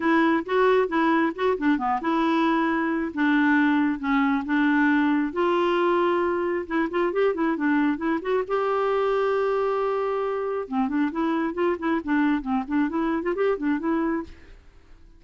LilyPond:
\new Staff \with { instrumentName = "clarinet" } { \time 4/4 \tempo 4 = 135 e'4 fis'4 e'4 fis'8 d'8 | b8 e'2~ e'8 d'4~ | d'4 cis'4 d'2 | f'2. e'8 f'8 |
g'8 e'8 d'4 e'8 fis'8 g'4~ | g'1 | c'8 d'8 e'4 f'8 e'8 d'4 | c'8 d'8 e'8. f'16 g'8 d'8 e'4 | }